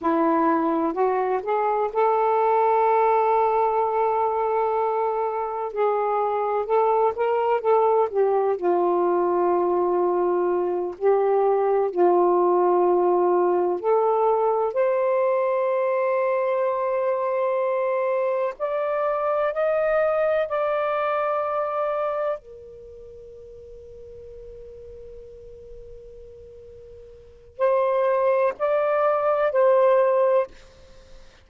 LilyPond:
\new Staff \with { instrumentName = "saxophone" } { \time 4/4 \tempo 4 = 63 e'4 fis'8 gis'8 a'2~ | a'2 gis'4 a'8 ais'8 | a'8 g'8 f'2~ f'8 g'8~ | g'8 f'2 a'4 c''8~ |
c''2.~ c''8 d''8~ | d''8 dis''4 d''2 ais'8~ | ais'1~ | ais'4 c''4 d''4 c''4 | }